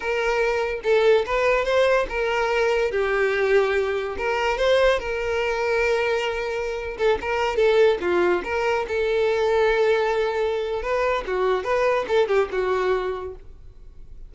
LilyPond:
\new Staff \with { instrumentName = "violin" } { \time 4/4 \tempo 4 = 144 ais'2 a'4 b'4 | c''4 ais'2 g'4~ | g'2 ais'4 c''4 | ais'1~ |
ais'8. a'8 ais'4 a'4 f'8.~ | f'16 ais'4 a'2~ a'8.~ | a'2 b'4 fis'4 | b'4 a'8 g'8 fis'2 | }